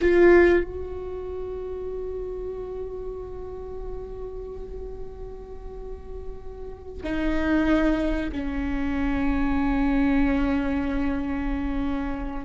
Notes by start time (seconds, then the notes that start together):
0.01 F4
0.64 F#4
7.03 D#4
8.32 C#4